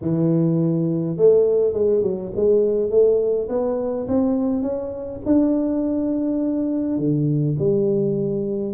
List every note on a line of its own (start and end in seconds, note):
0.01 1.17 E3
1.17 1.73 A3
1.73 2.02 G#3
2.02 2.31 F#3
2.35 2.90 G#3
2.90 3.48 A3
3.48 4.07 B3
4.08 4.62 C4
4.62 5.20 C#4
5.25 6.98 D4
6.98 7.56 D3
7.58 8.73 G3